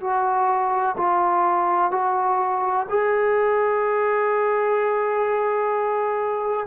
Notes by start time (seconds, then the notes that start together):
0.00 F#4
0.97 F4
1.91 F#4
2.89 G#4